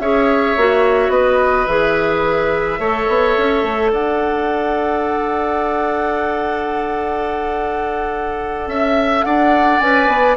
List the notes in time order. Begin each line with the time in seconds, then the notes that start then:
0.00 C#4 G#4 C#5 E5
0.57 A#3 F#4
1.09 B3 B4 D#5
1.66 E3 G#4 E5
2.79 A3 A4 C#5
3.09 B3
3.38 C#4
3.64 A3
3.91 D4 D5 F#5
8.67 C#4 E5
9.24 D4 D5 F#5
9.80 C#4 B4 G#5
10.08 B3